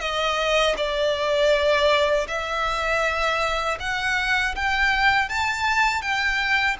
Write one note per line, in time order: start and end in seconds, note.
0.00 0.75 D#5
0.76 2.26 D5
2.27 3.77 E5
3.80 4.55 F#5
4.55 5.28 G5
5.28 6.01 A5
6.01 6.76 G5